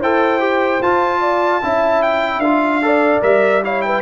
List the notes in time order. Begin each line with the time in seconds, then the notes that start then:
0.00 E4 A4 C5 G5
0.40 G4
0.82 F4 A5
1.20 D5
1.62 C#4 E4 E5
2.02 G5
2.39 D4 F4 F5
2.82 A4 D5
3.22 G3 A#4 E5
3.63 E4 C#5 F5
3.82 B4 G5